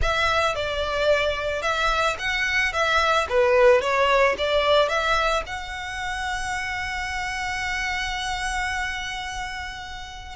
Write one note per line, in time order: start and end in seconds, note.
0.01 0.55 E5
0.55 1.61 D5
1.61 2.16 E5
2.18 2.72 F#5
2.72 3.27 E5
3.29 3.81 B4
3.81 4.35 C#5
4.38 4.88 D5
4.88 5.43 E5
5.46 10.35 F#5